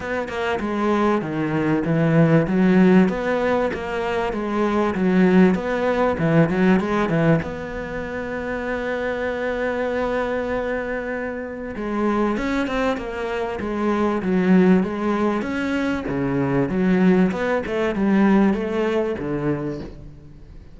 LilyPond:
\new Staff \with { instrumentName = "cello" } { \time 4/4 \tempo 4 = 97 b8 ais8 gis4 dis4 e4 | fis4 b4 ais4 gis4 | fis4 b4 e8 fis8 gis8 e8 | b1~ |
b2. gis4 | cis'8 c'8 ais4 gis4 fis4 | gis4 cis'4 cis4 fis4 | b8 a8 g4 a4 d4 | }